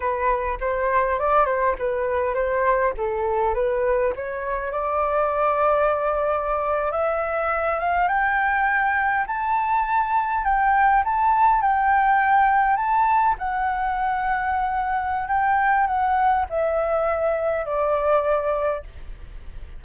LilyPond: \new Staff \with { instrumentName = "flute" } { \time 4/4 \tempo 4 = 102 b'4 c''4 d''8 c''8 b'4 | c''4 a'4 b'4 cis''4 | d''2.~ d''8. e''16~ | e''4~ e''16 f''8 g''2 a''16~ |
a''4.~ a''16 g''4 a''4 g''16~ | g''4.~ g''16 a''4 fis''4~ fis''16~ | fis''2 g''4 fis''4 | e''2 d''2 | }